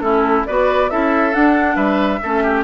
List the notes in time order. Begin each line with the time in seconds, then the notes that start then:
0.00 A3 C#4 E4 A4
0.46 B3 F#4 B4 D5
0.90 C#4 E4 A4 E5
1.32 D4 F#5
1.75 G3 B4 E5
2.23 A3 C#4 A4
2.43 G4